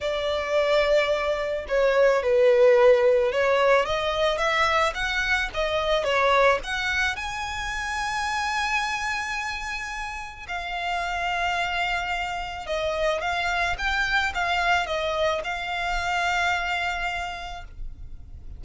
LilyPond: \new Staff \with { instrumentName = "violin" } { \time 4/4 \tempo 4 = 109 d''2. cis''4 | b'2 cis''4 dis''4 | e''4 fis''4 dis''4 cis''4 | fis''4 gis''2.~ |
gis''2. f''4~ | f''2. dis''4 | f''4 g''4 f''4 dis''4 | f''1 | }